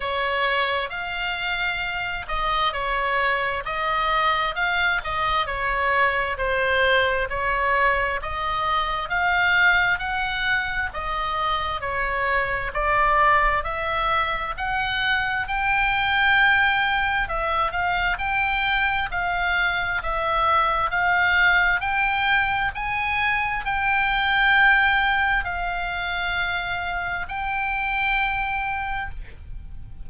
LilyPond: \new Staff \with { instrumentName = "oboe" } { \time 4/4 \tempo 4 = 66 cis''4 f''4. dis''8 cis''4 | dis''4 f''8 dis''8 cis''4 c''4 | cis''4 dis''4 f''4 fis''4 | dis''4 cis''4 d''4 e''4 |
fis''4 g''2 e''8 f''8 | g''4 f''4 e''4 f''4 | g''4 gis''4 g''2 | f''2 g''2 | }